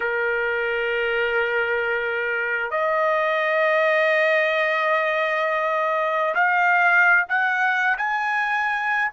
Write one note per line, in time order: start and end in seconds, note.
0.00 2.70 A#4
2.70 6.34 D#5
6.34 7.25 F5
7.28 7.96 F#5
7.98 9.11 G#5